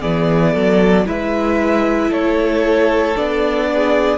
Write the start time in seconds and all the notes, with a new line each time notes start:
0.00 E3 B3 G#4 D5
0.53 F#3 A4
1.05 G#3 E4 B4 E5
2.10 A3 A4 C#5
3.15 B3 D4 D5
3.73 G#4